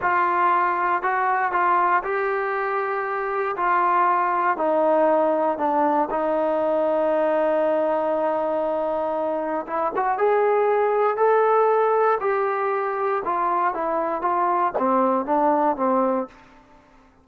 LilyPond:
\new Staff \with { instrumentName = "trombone" } { \time 4/4 \tempo 4 = 118 f'2 fis'4 f'4 | g'2. f'4~ | f'4 dis'2 d'4 | dis'1~ |
dis'2. e'8 fis'8 | gis'2 a'2 | g'2 f'4 e'4 | f'4 c'4 d'4 c'4 | }